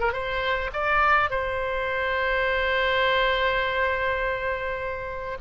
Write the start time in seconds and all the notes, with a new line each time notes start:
0.00 A#4
0.13 C5
0.73 D5
1.30 C5